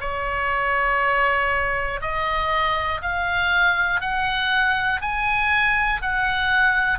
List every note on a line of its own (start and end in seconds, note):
0.00 2.00 C#5
2.00 3.00 D#5
3.01 4.00 F5
4.00 5.00 F#5
5.01 6.01 G#5
6.01 6.99 F#5